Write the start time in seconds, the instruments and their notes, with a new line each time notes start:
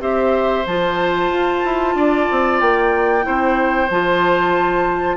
0.00 bassoon C4, clarinet G4, oboe C5, flute E5
0.66 bassoon F3, clarinet F4, flute A5
1.29 bassoon F4
1.65 bassoon E4
1.94 bassoon D4, oboe D5
2.31 bassoon C4
2.60 bassoon A#3, flute G5
3.22 bassoon C4, clarinet E4, oboe C5
3.90 bassoon F3, clarinet F4, flute A5